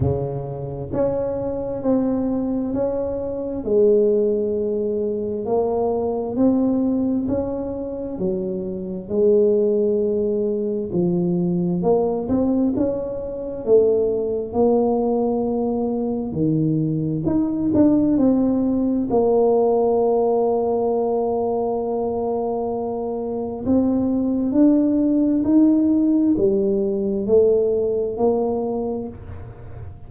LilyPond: \new Staff \with { instrumentName = "tuba" } { \time 4/4 \tempo 4 = 66 cis4 cis'4 c'4 cis'4 | gis2 ais4 c'4 | cis'4 fis4 gis2 | f4 ais8 c'8 cis'4 a4 |
ais2 dis4 dis'8 d'8 | c'4 ais2.~ | ais2 c'4 d'4 | dis'4 g4 a4 ais4 | }